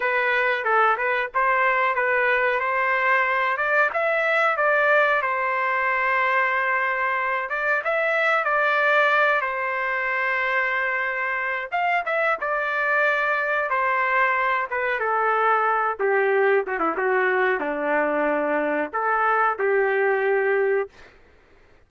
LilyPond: \new Staff \with { instrumentName = "trumpet" } { \time 4/4 \tempo 4 = 92 b'4 a'8 b'8 c''4 b'4 | c''4. d''8 e''4 d''4 | c''2.~ c''8 d''8 | e''4 d''4. c''4.~ |
c''2 f''8 e''8 d''4~ | d''4 c''4. b'8 a'4~ | a'8 g'4 fis'16 e'16 fis'4 d'4~ | d'4 a'4 g'2 | }